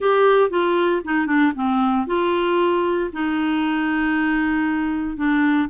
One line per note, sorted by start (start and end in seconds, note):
0.00 0.50 G4
0.50 1.01 F4
1.04 1.26 D#4
1.26 1.52 D4
1.55 2.07 C4
2.07 3.10 F4
3.12 5.17 D#4
5.17 5.68 D4